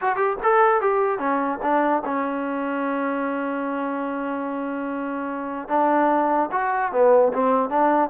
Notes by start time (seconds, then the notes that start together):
0.01 F#4
0.16 G4
0.43 A4
0.81 G4
1.18 C#4
1.62 D4
2.05 C#4
5.68 D4
6.51 F#4
6.91 B3
7.33 C4
7.69 D4